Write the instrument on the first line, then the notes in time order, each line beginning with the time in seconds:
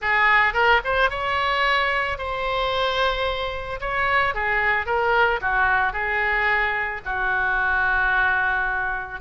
oboe
0.01 G#4
0.53 A#4
0.84 C5
1.10 C#5
2.17 C5
3.80 C#5
4.34 G#4
4.86 A#4
5.41 F#4
5.93 G#4
7.05 F#4